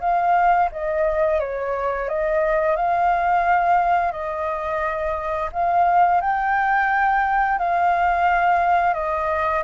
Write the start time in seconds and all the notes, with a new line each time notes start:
0.00 F5
0.71 D#5
1.39 C#5
2.08 D#5
2.76 F5
4.12 D#5
5.52 F5
6.21 G5
7.59 F5
8.94 D#5